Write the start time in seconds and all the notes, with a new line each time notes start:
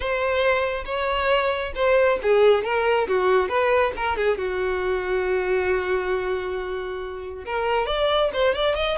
0.00 C5
0.85 C#5
1.75 C5
2.22 G#4
2.64 A#4
3.08 F#4
3.48 B4
3.96 A#4
4.16 G#4
4.38 F#4
7.45 A#4
7.86 D5
8.33 C5
8.54 D5
8.75 D#5